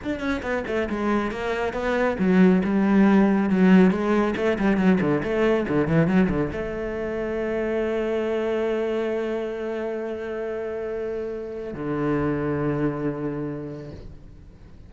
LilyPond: \new Staff \with { instrumentName = "cello" } { \time 4/4 \tempo 4 = 138 d'8 cis'8 b8 a8 gis4 ais4 | b4 fis4 g2 | fis4 gis4 a8 g8 fis8 d8 | a4 d8 e8 fis8 d8 a4~ |
a1~ | a1~ | a2. d4~ | d1 | }